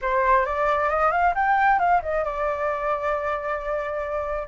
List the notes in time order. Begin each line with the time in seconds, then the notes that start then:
0.01 C5
0.45 D5
0.89 D#5
1.11 F5
1.35 G5
1.79 F5
2.02 D#5
2.24 D5